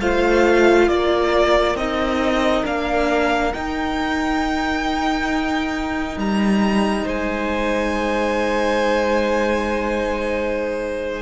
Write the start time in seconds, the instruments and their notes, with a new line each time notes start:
0.00 cello A3, viola F4, violin C5 F5
0.88 cello A#3, violin A#4 D5
1.75 cello C4, viola D#4, violin D#5
2.64 cello A#3, viola D4, violin F5
3.53 viola D#4, cello D#4, violin G5
6.17 cello G3, violin A#5
7.03 cello G#3, violin C5 G#5